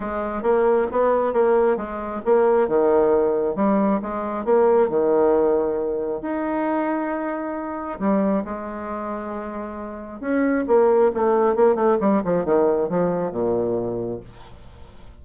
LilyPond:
\new Staff \with { instrumentName = "bassoon" } { \time 4/4 \tempo 4 = 135 gis4 ais4 b4 ais4 | gis4 ais4 dis2 | g4 gis4 ais4 dis4~ | dis2 dis'2~ |
dis'2 g4 gis4~ | gis2. cis'4 | ais4 a4 ais8 a8 g8 f8 | dis4 f4 ais,2 | }